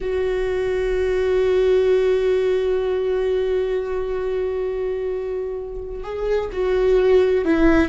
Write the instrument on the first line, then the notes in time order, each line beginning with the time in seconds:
viola
0.01 F#4
6.03 G#4
6.52 F#4
7.44 E4